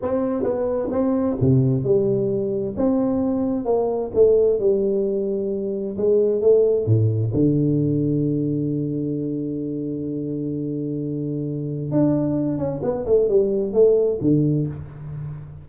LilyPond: \new Staff \with { instrumentName = "tuba" } { \time 4/4 \tempo 4 = 131 c'4 b4 c'4 c4 | g2 c'2 | ais4 a4 g2~ | g4 gis4 a4 a,4 |
d1~ | d1~ | d2 d'4. cis'8 | b8 a8 g4 a4 d4 | }